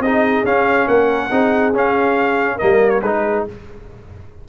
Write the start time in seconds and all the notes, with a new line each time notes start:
0.00 C4 D#4 G#4 D#5
0.44 C#4 F5
0.88 A#3 A#4 F#5
1.30 C4 D#4 G#4
1.74 C#4 F5
2.55 A#3 A#4 D#5
2.63 G3
2.90 C#5
3.02 G#3 D#4 G#4 B4